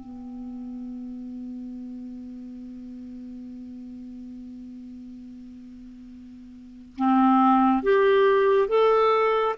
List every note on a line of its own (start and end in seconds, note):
0.00 6.96 B3
6.96 7.83 C4
7.83 8.68 G4
8.68 9.55 A4